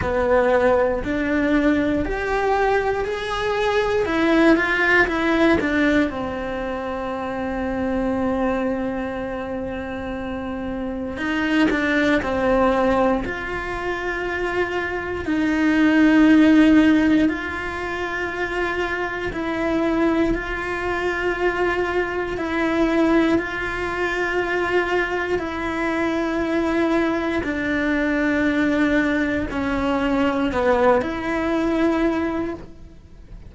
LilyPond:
\new Staff \with { instrumentName = "cello" } { \time 4/4 \tempo 4 = 59 b4 d'4 g'4 gis'4 | e'8 f'8 e'8 d'8 c'2~ | c'2. dis'8 d'8 | c'4 f'2 dis'4~ |
dis'4 f'2 e'4 | f'2 e'4 f'4~ | f'4 e'2 d'4~ | d'4 cis'4 b8 e'4. | }